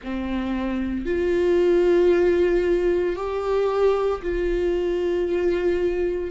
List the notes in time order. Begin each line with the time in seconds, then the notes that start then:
0.03 C4
1.05 F4
3.16 G4
4.22 F4